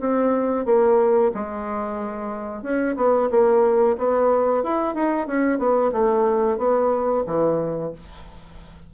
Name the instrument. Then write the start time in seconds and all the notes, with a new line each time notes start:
bassoon
0.00 C4
0.66 A#3
1.34 G#3
2.63 C#4
2.97 B3
3.31 A#3
3.98 B3
4.64 E4
4.95 D#4
5.27 C#4
5.59 B3
5.93 A3
6.58 B3
7.27 E3